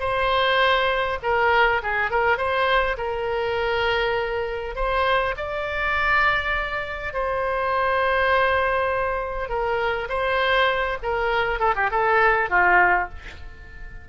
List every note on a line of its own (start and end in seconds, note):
0.00 1.19 C5
1.23 1.82 A#4
1.83 2.11 G#4
2.11 2.37 A#4
2.37 2.97 C5
2.97 4.76 A#4
4.76 5.35 C5
5.37 7.14 D5
7.14 9.49 C5
9.49 10.09 A#4
10.09 10.98 C5
11.03 11.59 A#4
11.59 11.74 A4
11.75 11.90 G4
11.91 12.50 A4
12.50 13.09 F4